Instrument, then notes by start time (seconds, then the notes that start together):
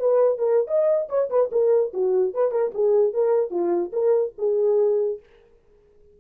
horn
0.00 B4
0.38 A#4
0.68 D#5
1.09 C#5
1.30 B4
1.52 A#4
1.94 F#4
2.34 B4
2.52 A#4
2.75 G#4
3.14 A#4
3.51 F4
3.93 A#4
4.39 G#4